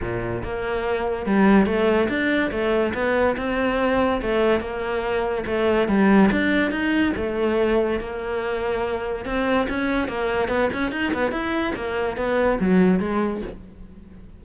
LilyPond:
\new Staff \with { instrumentName = "cello" } { \time 4/4 \tempo 4 = 143 ais,4 ais2 g4 | a4 d'4 a4 b4 | c'2 a4 ais4~ | ais4 a4 g4 d'4 |
dis'4 a2 ais4~ | ais2 c'4 cis'4 | ais4 b8 cis'8 dis'8 b8 e'4 | ais4 b4 fis4 gis4 | }